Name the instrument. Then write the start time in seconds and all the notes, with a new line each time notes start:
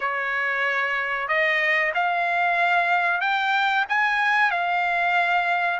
trumpet
0.00 C#5
1.28 D#5
1.94 F5
3.21 G5
3.88 G#5
4.50 F5